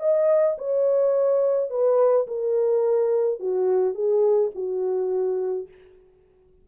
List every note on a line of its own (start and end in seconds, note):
0.00 0.57 D#5
0.58 1.70 C#5
1.70 2.27 B4
2.27 3.40 A#4
3.40 3.95 F#4
3.95 4.51 G#4
4.55 5.68 F#4